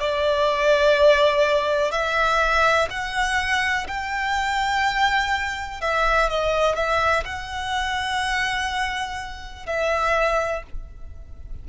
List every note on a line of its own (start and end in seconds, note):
0.00 1.92 D5
1.92 2.89 E5
2.91 3.88 F#5
3.88 5.81 G5
5.82 6.30 E5
6.30 6.76 D#5
6.76 7.24 E5
7.25 9.67 F#5
9.67 10.64 E5